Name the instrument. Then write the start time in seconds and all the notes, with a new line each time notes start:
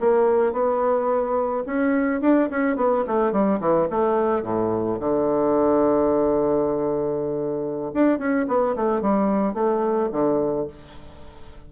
bassoon
0.00 A#3
0.53 B3
1.66 C#4
2.21 D4
2.50 C#4
2.77 B3
3.07 A3
3.32 G3
3.60 E3
3.90 A3
4.43 A2
5.00 D3
7.94 D4
8.19 C#4
8.48 B3
8.76 A3
9.02 G3
9.54 A3
10.12 D3